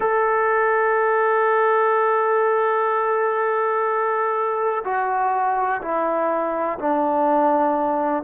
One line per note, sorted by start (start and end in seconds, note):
0.00 4.83 A4
4.84 5.81 F#4
5.81 6.78 E4
6.78 8.23 D4